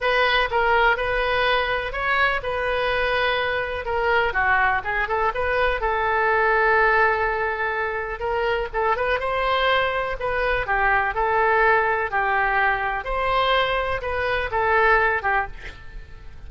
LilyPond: \new Staff \with { instrumentName = "oboe" } { \time 4/4 \tempo 4 = 124 b'4 ais'4 b'2 | cis''4 b'2. | ais'4 fis'4 gis'8 a'8 b'4 | a'1~ |
a'4 ais'4 a'8 b'8 c''4~ | c''4 b'4 g'4 a'4~ | a'4 g'2 c''4~ | c''4 b'4 a'4. g'8 | }